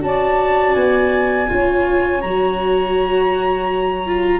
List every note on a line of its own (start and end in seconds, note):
0.00 0.75 C#4
0.00 1.46 F#4
0.00 1.50 D5
0.00 0.74 A5
0.74 1.49 B3
0.74 2.21 G#5
1.48 2.24 C#4
1.48 2.21 F4
1.48 4.40 C#5
2.21 4.40 F#3
2.21 4.07 F#4
2.21 4.40 A#5
4.07 4.40 F4